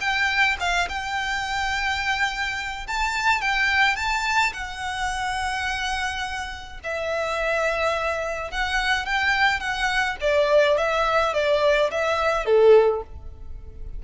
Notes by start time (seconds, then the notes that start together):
0.00 G5
0.60 F5
0.88 G5
2.87 A5
3.41 G5
3.96 A5
4.53 F#5
6.83 E5
8.51 F#5
9.05 G5
9.60 F#5
10.20 D5
10.78 E5
11.34 D5
11.90 E5
12.45 A4